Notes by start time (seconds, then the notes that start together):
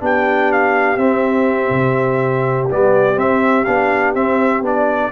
0.00 B3 D4 G4 G5
0.52 F5
0.97 C4 E5
1.70 C3
2.70 G3 B3 D5
3.16 C4 E5
3.64 B3 D4 F5
4.14 C4 E5
4.61 B3 D4 D5